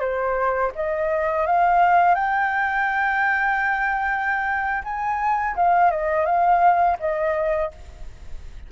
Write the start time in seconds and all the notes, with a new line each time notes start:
0.00 C5
0.75 D#5
1.46 F5
2.15 G5
4.84 G#5
5.56 F5
5.91 D#5
6.25 F5
6.99 D#5